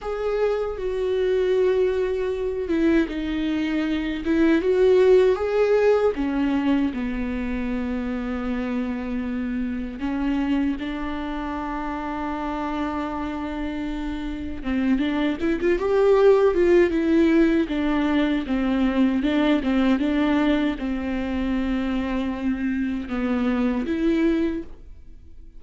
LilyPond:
\new Staff \with { instrumentName = "viola" } { \time 4/4 \tempo 4 = 78 gis'4 fis'2~ fis'8 e'8 | dis'4. e'8 fis'4 gis'4 | cis'4 b2.~ | b4 cis'4 d'2~ |
d'2. c'8 d'8 | e'16 f'16 g'4 f'8 e'4 d'4 | c'4 d'8 c'8 d'4 c'4~ | c'2 b4 e'4 | }